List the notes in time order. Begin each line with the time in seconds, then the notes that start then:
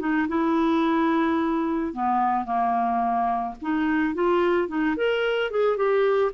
0.00 D#4
0.28 E4
1.93 B3
2.45 A#3
3.62 D#4
4.15 F4
4.68 D#4
4.96 A#4
5.51 G#4
5.77 G4